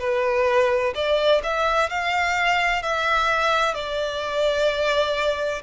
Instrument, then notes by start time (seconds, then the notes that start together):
violin
0.00 B4
0.95 D5
1.43 E5
1.90 F5
2.83 E5
3.75 D5